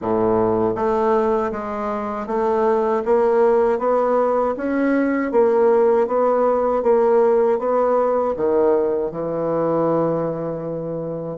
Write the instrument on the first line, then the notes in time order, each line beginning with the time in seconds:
bassoon
0.01 A2
0.75 A3
1.51 G#3
2.26 A3
3.05 A#3
3.78 B3
4.56 C#4
5.31 A#3
6.07 B3
6.82 A#3
7.58 B3
8.36 D#3
9.11 E3